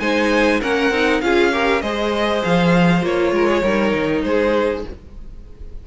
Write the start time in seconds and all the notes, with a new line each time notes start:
0.00 G#3 D#4 C5 G#5
0.61 A#3 C#4 A#4 F#5
0.91 C4 D#4
1.21 C#4 F4 G#4 F5
1.52 G4 A#4
1.82 G#3 G#4 C5 D#5
2.45 F3 F5
3.02 A#3 F4 C#5
3.32 G#3 A#4
3.48 G#4
3.62 G3 D#4 A#4
3.94 D#3
4.23 G#3 G#4 C5